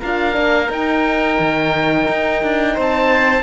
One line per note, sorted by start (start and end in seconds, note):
0.00 0.37 D4
0.00 0.33 F4
0.00 2.74 A#4
0.00 0.72 F5
0.33 0.69 A#3
0.33 0.67 D4
0.69 3.43 D#4
0.69 1.38 D#4
0.69 2.80 G5
1.39 2.08 D#3
2.09 2.43 D#4
2.43 2.77 D4
2.74 3.43 C4
2.74 3.43 C5
2.81 3.43 A5